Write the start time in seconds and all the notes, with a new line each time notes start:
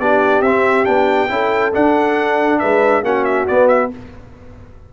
0.00 B3 D4 G4 D5
0.41 C4 E5
0.85 B3 D4 G5
1.29 C#4 E4 A4
1.74 D4 F#5
2.60 G#3 B4 E5
3.03 A#3 C#4 F#4 F#5
3.25 E5
3.48 B3 D5
3.68 E5